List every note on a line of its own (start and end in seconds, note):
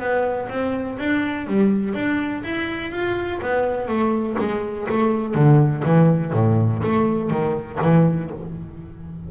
0.00 0.49 B3
0.49 0.98 C4
0.99 1.47 D4
1.47 1.95 G3
1.95 2.43 D4
2.44 2.92 E4
2.92 3.41 F4
3.42 3.88 B3
3.88 4.37 A3
4.39 4.88 G#3
4.89 5.35 A3
5.35 5.84 D3
5.85 6.33 E3
6.33 6.82 A2
6.84 7.31 A3
7.31 7.79 D#3
7.82 8.31 E3